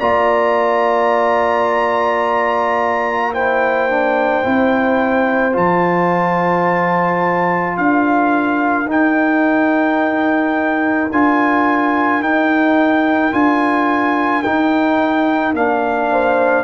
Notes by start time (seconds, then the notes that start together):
0.00 A#3 F4 D5 A#5
3.33 E4 C5 G5
3.90 D4
4.44 C4 E4
5.53 F3 F4 A5
7.77 D4 A#4 F5
8.86 D#4 G5
11.12 D4 F4 G#5
12.20 D#4 G5
13.32 D4 F4 G#5
14.43 D#4 G5
15.54 A#3 D4 F5
16.11 C5